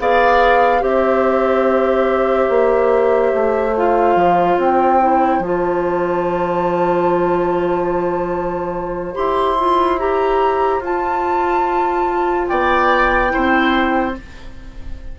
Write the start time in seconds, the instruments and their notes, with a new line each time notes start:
0.00 bassoon B3, clarinet G#4, oboe D5, flute F5
0.80 bassoon C4, clarinet G4, oboe C5, flute E5
2.50 bassoon A#3
3.34 bassoon A3
3.76 clarinet F4, flute F5
4.16 bassoon F3
4.58 bassoon C4, flute G5
5.01 clarinet E4
5.40 bassoon F3, clarinet F4, flute A5
9.14 bassoon E4, clarinet G4, flute C6
9.59 clarinet F4
9.99 clarinet G4, flute A#5
10.80 bassoon F4, clarinet F4, flute A5
12.48 bassoon B3, oboe D5, flute G5
13.29 clarinet E4, oboe C5
13.36 bassoon C4